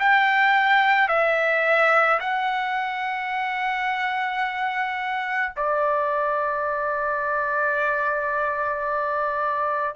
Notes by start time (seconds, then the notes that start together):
0.00 G5
1.09 E5
2.20 F#5
5.57 D5